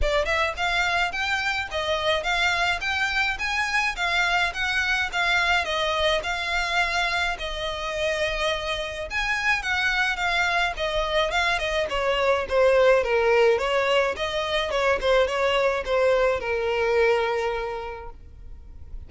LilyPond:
\new Staff \with { instrumentName = "violin" } { \time 4/4 \tempo 4 = 106 d''8 e''8 f''4 g''4 dis''4 | f''4 g''4 gis''4 f''4 | fis''4 f''4 dis''4 f''4~ | f''4 dis''2. |
gis''4 fis''4 f''4 dis''4 | f''8 dis''8 cis''4 c''4 ais'4 | cis''4 dis''4 cis''8 c''8 cis''4 | c''4 ais'2. | }